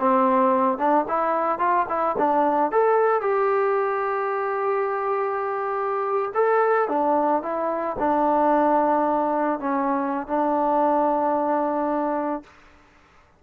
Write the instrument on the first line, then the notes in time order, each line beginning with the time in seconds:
trombone
0.00 C4
0.79 D4
1.08 E4
1.59 F4
1.89 E4
2.18 D4
2.72 A4
3.22 G4
6.35 A4
6.89 D4
7.43 E4
7.99 D4
9.60 C#4
10.28 D4